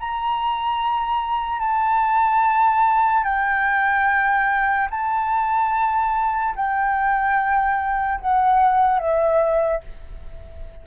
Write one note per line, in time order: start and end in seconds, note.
0.00 1.60 A#5
1.60 3.24 A5
3.24 4.89 G5
4.91 6.55 A5
6.56 8.20 G5
8.21 8.99 F#5
8.99 9.81 E5